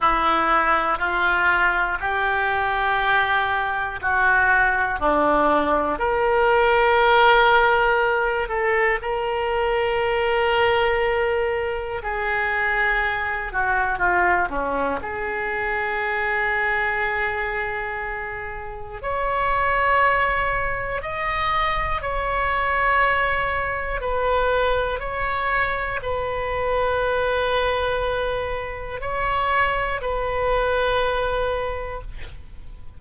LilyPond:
\new Staff \with { instrumentName = "oboe" } { \time 4/4 \tempo 4 = 60 e'4 f'4 g'2 | fis'4 d'4 ais'2~ | ais'8 a'8 ais'2. | gis'4. fis'8 f'8 cis'8 gis'4~ |
gis'2. cis''4~ | cis''4 dis''4 cis''2 | b'4 cis''4 b'2~ | b'4 cis''4 b'2 | }